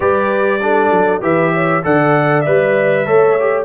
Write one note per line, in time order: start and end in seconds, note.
0.00 0.90 G3
0.00 0.60 G4
0.00 0.61 B4
0.00 1.22 D5
0.62 1.21 D4
0.62 1.22 A4
0.90 1.21 F#3
1.21 1.83 E3
1.21 1.82 G4
1.21 1.53 B4
1.21 1.84 E5
1.53 1.84 C#5
1.83 2.46 D3
1.83 2.44 A4
1.83 3.05 D5
1.83 2.41 F#5
2.41 3.06 G3
2.41 3.06 B4
2.41 3.63 E5
3.05 3.65 A3
3.05 3.36 A4
3.05 3.65 C#5
3.39 3.65 G4